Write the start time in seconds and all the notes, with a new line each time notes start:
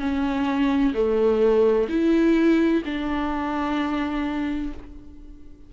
0.00 C#4
0.94 A3
1.89 E4
2.86 D4